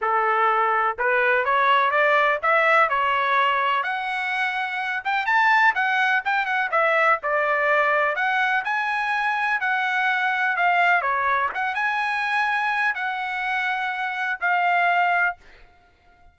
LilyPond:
\new Staff \with { instrumentName = "trumpet" } { \time 4/4 \tempo 4 = 125 a'2 b'4 cis''4 | d''4 e''4 cis''2 | fis''2~ fis''8 g''8 a''4 | fis''4 g''8 fis''8 e''4 d''4~ |
d''4 fis''4 gis''2 | fis''2 f''4 cis''4 | fis''8 gis''2~ gis''8 fis''4~ | fis''2 f''2 | }